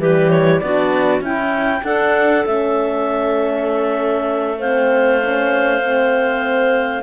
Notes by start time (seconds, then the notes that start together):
0.00 E3 G3 G4 B4
0.30 C#5
0.60 B3 D4 F#4 D5
1.21 C#4 E4 G5
1.83 D4 A4 F#5
2.45 A3 C#4 E5
4.59 C4 C5 F5
5.22 C#4
5.81 C4